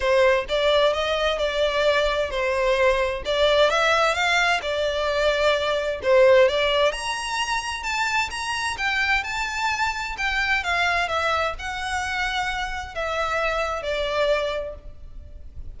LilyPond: \new Staff \with { instrumentName = "violin" } { \time 4/4 \tempo 4 = 130 c''4 d''4 dis''4 d''4~ | d''4 c''2 d''4 | e''4 f''4 d''2~ | d''4 c''4 d''4 ais''4~ |
ais''4 a''4 ais''4 g''4 | a''2 g''4 f''4 | e''4 fis''2. | e''2 d''2 | }